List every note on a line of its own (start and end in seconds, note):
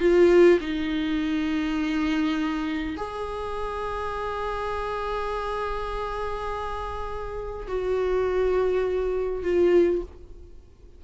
0.00 0.59 F4
0.61 2.96 D#4
2.97 7.68 G#4
7.68 9.44 F#4
9.44 10.02 F4